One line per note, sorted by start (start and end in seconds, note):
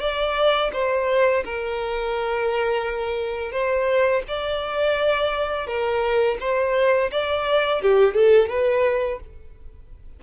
0.00 0.71 D5
0.73 1.43 C5
1.44 3.52 A#4
3.52 4.22 C5
4.28 5.67 D5
5.67 6.37 A#4
6.40 7.10 C5
7.11 7.82 D5
7.82 8.14 G4
8.14 8.49 A4
8.49 9.20 B4